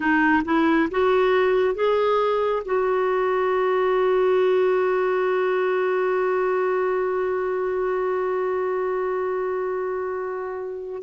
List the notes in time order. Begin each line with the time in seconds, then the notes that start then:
0.00 D#4
0.45 E4
0.91 F#4
1.74 G#4
2.65 F#4